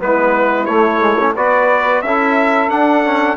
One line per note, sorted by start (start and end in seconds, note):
0.00 0.68 G#3
0.00 0.67 B3
0.00 1.35 E4
0.00 0.66 B4
0.66 1.36 A3
0.66 1.01 A3
0.66 1.33 C#5
1.01 1.18 G#3
1.18 1.35 C#4
1.35 2.03 B3
1.35 2.04 F#4
1.35 2.02 B4
1.35 2.02 D5
2.02 2.69 C#4
2.02 2.70 E4
2.02 3.37 A4
2.02 2.70 E5
2.69 3.37 D4
2.69 3.04 D4
2.69 3.37 F#5
3.04 3.37 C#4